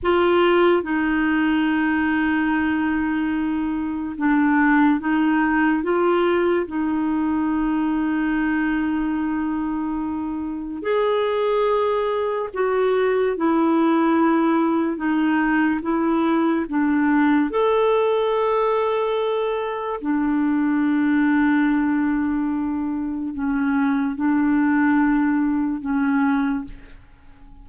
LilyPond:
\new Staff \with { instrumentName = "clarinet" } { \time 4/4 \tempo 4 = 72 f'4 dis'2.~ | dis'4 d'4 dis'4 f'4 | dis'1~ | dis'4 gis'2 fis'4 |
e'2 dis'4 e'4 | d'4 a'2. | d'1 | cis'4 d'2 cis'4 | }